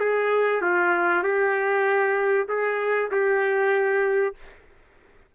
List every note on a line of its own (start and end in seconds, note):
0.00 0.62 G#4
0.62 1.23 F4
1.23 2.47 G4
2.49 3.10 G#4
3.11 4.35 G4